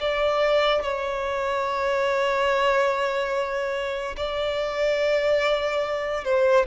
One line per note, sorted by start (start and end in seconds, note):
0.00 0.83 D5
0.83 4.16 C#5
4.16 6.24 D5
6.24 6.66 C5